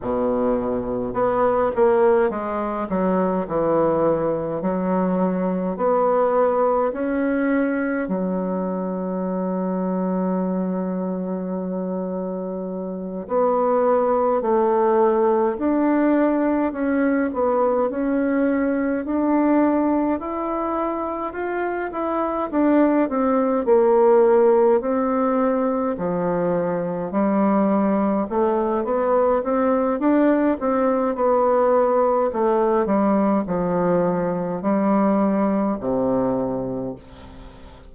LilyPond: \new Staff \with { instrumentName = "bassoon" } { \time 4/4 \tempo 4 = 52 b,4 b8 ais8 gis8 fis8 e4 | fis4 b4 cis'4 fis4~ | fis2.~ fis8 b8~ | b8 a4 d'4 cis'8 b8 cis'8~ |
cis'8 d'4 e'4 f'8 e'8 d'8 | c'8 ais4 c'4 f4 g8~ | g8 a8 b8 c'8 d'8 c'8 b4 | a8 g8 f4 g4 c4 | }